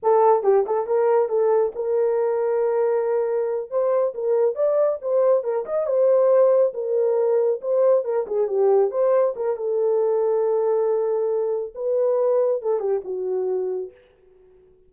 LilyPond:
\new Staff \with { instrumentName = "horn" } { \time 4/4 \tempo 4 = 138 a'4 g'8 a'8 ais'4 a'4 | ais'1~ | ais'8 c''4 ais'4 d''4 c''8~ | c''8 ais'8 dis''8 c''2 ais'8~ |
ais'4. c''4 ais'8 gis'8 g'8~ | g'8 c''4 ais'8 a'2~ | a'2. b'4~ | b'4 a'8 g'8 fis'2 | }